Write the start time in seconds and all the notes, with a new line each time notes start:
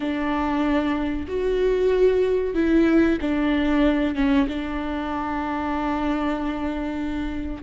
0.00 D4
1.27 F#4
2.54 E4
3.21 D4
4.15 C#4
4.48 D4